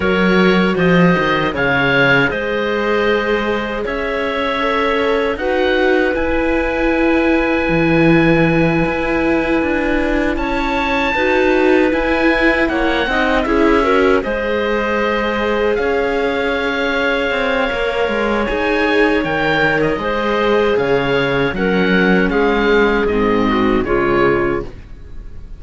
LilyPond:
<<
  \new Staff \with { instrumentName = "oboe" } { \time 4/4 \tempo 4 = 78 cis''4 dis''4 f''4 dis''4~ | dis''4 e''2 fis''4 | gis''1~ | gis''4. a''2 gis''8~ |
gis''8 fis''4 e''4 dis''4.~ | dis''8 f''2.~ f''8 | gis''4 g''8. dis''4~ dis''16 f''4 | fis''4 f''4 dis''4 cis''4 | }
  \new Staff \with { instrumentName = "clarinet" } { \time 4/4 ais'4 c''4 cis''4 c''4~ | c''4 cis''2 b'4~ | b'1~ | b'4. cis''4 b'4.~ |
b'8 cis''8 dis''8 gis'8 ais'8 c''4.~ | c''8 cis''2.~ cis''8~ | cis''2 c''4 cis''4 | ais'4 gis'4. fis'8 f'4 | }
  \new Staff \with { instrumentName = "viola" } { \time 4/4 fis'2 gis'2~ | gis'2 a'4 fis'4 | e'1~ | e'2~ e'8 fis'4 e'8~ |
e'4 dis'8 e'8 fis'8 gis'4.~ | gis'2. ais'4 | gis'4 ais'4 gis'2 | cis'2 c'4 gis4 | }
  \new Staff \with { instrumentName = "cello" } { \time 4/4 fis4 f8 dis8 cis4 gis4~ | gis4 cis'2 dis'4 | e'2 e4. e'8~ | e'8 d'4 cis'4 dis'4 e'8~ |
e'8 ais8 c'8 cis'4 gis4.~ | gis8 cis'2 c'8 ais8 gis8 | dis'4 dis4 gis4 cis4 | fis4 gis4 gis,4 cis4 | }
>>